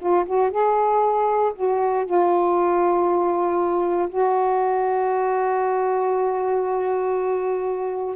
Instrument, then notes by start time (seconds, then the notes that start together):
saxophone
0.00 F4
0.25 F#4
0.51 G#4
1.55 F#4
2.06 F4
4.10 F#4